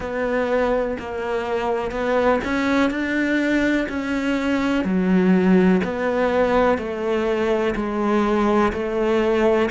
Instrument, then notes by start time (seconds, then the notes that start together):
cello
0.00 B3
0.99 A#3
1.91 B3
2.44 C#4
2.90 D4
3.88 C#4
4.84 F#3
5.83 B3
6.77 A3
7.75 G#3
8.73 A3